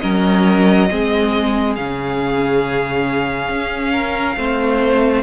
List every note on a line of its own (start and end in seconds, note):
0.00 0.90 F#3
0.00 0.89 C#4
0.00 0.89 A#4
0.00 1.74 D#5
0.89 1.78 G#3
0.89 1.76 C4
0.89 3.93 G#4
1.76 3.49 C#3
1.76 4.37 C#4
1.76 5.24 F5
3.49 4.36 C#4
3.93 4.36 A#4
4.37 5.24 A3
4.37 5.24 C4
4.37 5.24 C5